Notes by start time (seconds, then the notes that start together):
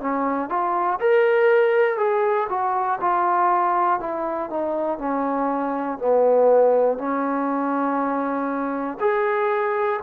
0.00 C#4
0.49 F4
1.00 A#4
1.97 G#4
2.49 F#4
3.00 F4
4.00 E4
4.50 D#4
4.98 C#4
5.98 B3
6.98 C#4
9.00 G#4